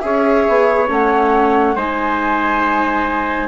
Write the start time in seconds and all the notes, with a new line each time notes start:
0.00 C#4 G#4 C#5 E5
0.48 B3
0.88 A3 C#4 F#5
1.76 G#3 D#4 C5 G#5